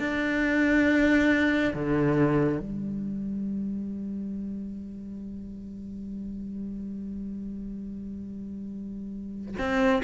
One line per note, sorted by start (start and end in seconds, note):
0.00 1.74 D4
1.74 2.60 D3
2.60 9.56 G3
9.59 10.03 C4